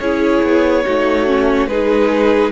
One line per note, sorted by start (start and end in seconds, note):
0.00 0.43 C#4
0.00 0.84 E4
0.00 0.86 G#4
0.00 1.67 C#5
0.43 0.85 B3
0.84 1.67 A3
0.84 1.27 D#4
0.84 1.70 F#4
1.27 1.69 C#4
1.67 2.52 G#3
1.67 2.53 D#4
1.67 2.53 G#4
1.67 2.52 B4